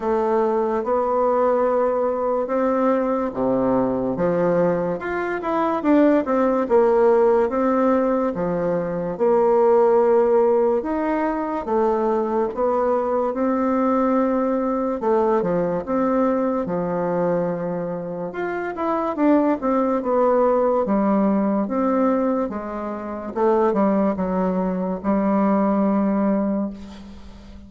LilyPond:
\new Staff \with { instrumentName = "bassoon" } { \time 4/4 \tempo 4 = 72 a4 b2 c'4 | c4 f4 f'8 e'8 d'8 c'8 | ais4 c'4 f4 ais4~ | ais4 dis'4 a4 b4 |
c'2 a8 f8 c'4 | f2 f'8 e'8 d'8 c'8 | b4 g4 c'4 gis4 | a8 g8 fis4 g2 | }